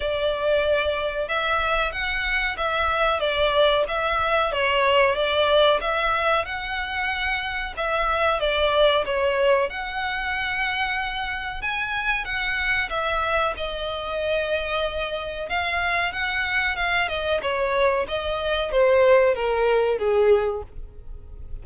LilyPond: \new Staff \with { instrumentName = "violin" } { \time 4/4 \tempo 4 = 93 d''2 e''4 fis''4 | e''4 d''4 e''4 cis''4 | d''4 e''4 fis''2 | e''4 d''4 cis''4 fis''4~ |
fis''2 gis''4 fis''4 | e''4 dis''2. | f''4 fis''4 f''8 dis''8 cis''4 | dis''4 c''4 ais'4 gis'4 | }